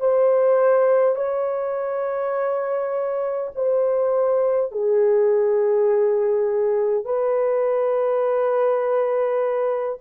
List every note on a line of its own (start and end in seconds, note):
0.00 1.16 C5
1.16 3.51 C#5
3.55 4.72 C5
4.72 7.05 G#4
7.05 9.99 B4